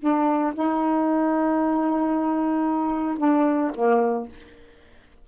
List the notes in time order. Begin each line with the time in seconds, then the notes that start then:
0.00 D4
0.55 D#4
3.19 D4
3.75 A#3